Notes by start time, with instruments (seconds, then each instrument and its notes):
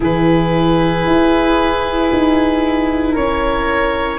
0.00 tuba E3, viola E4, horn G#4, oboe B4
1.06 tuba E4
2.12 tuba D#4
3.12 tuba C#4, horn A#4, oboe C#5